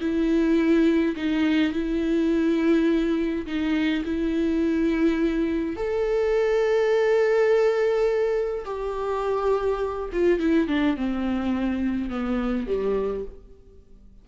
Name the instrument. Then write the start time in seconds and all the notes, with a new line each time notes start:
viola
0.00 E4
1.16 D#4
1.73 E4
3.46 D#4
4.05 E4
5.76 A4
8.65 G4
10.13 F4
10.39 E4
10.68 D4
10.97 C4
12.09 B3
12.67 G3